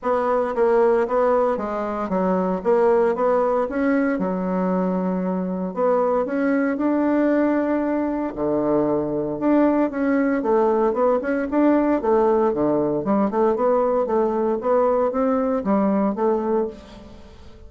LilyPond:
\new Staff \with { instrumentName = "bassoon" } { \time 4/4 \tempo 4 = 115 b4 ais4 b4 gis4 | fis4 ais4 b4 cis'4 | fis2. b4 | cis'4 d'2. |
d2 d'4 cis'4 | a4 b8 cis'8 d'4 a4 | d4 g8 a8 b4 a4 | b4 c'4 g4 a4 | }